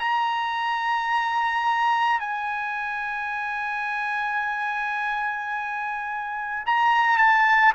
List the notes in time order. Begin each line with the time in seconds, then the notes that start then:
0.00 A#5
2.20 G#5
6.67 A#5
7.18 A5